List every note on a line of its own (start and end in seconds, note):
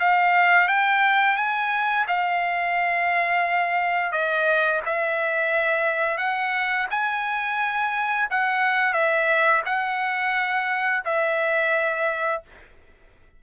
0.00 0.69 F5
0.69 1.37 G5
1.37 2.06 G#5
2.08 4.12 F5
4.12 4.81 D#5
4.86 6.18 E5
6.18 6.87 F#5
6.91 8.29 G#5
8.31 8.93 F#5
8.93 9.62 E5
9.66 11.04 F#5
11.05 12.43 E5